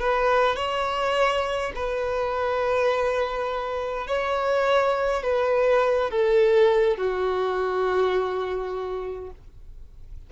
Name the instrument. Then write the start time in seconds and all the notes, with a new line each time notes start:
violin
0.00 B4
0.57 C#5
1.76 B4
4.08 C#5
5.23 B4
6.11 A4
6.98 F#4